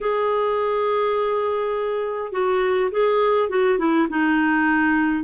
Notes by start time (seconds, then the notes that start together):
0.01 G#4
2.32 F#4
2.91 G#4
3.49 F#4
3.78 E4
4.09 D#4